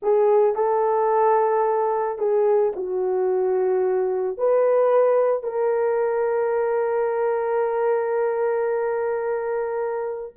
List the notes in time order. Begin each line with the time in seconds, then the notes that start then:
0.02 G#4
0.55 A4
2.18 G#4
2.75 F#4
4.37 B4
5.43 A#4